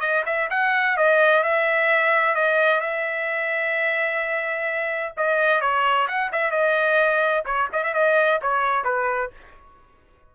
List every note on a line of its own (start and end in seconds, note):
0.00 0.23 D#5
0.25 0.49 E5
0.50 0.97 F#5
0.97 1.43 D#5
1.43 2.35 E5
2.35 2.80 D#5
2.80 5.13 E5
5.17 5.61 D#5
5.61 6.07 C#5
6.08 6.31 F#5
6.32 6.51 E5
6.51 7.44 D#5
7.45 7.68 C#5
7.73 7.84 D#5
7.84 7.94 E5
7.94 8.40 D#5
8.41 8.84 C#5
8.84 9.31 B4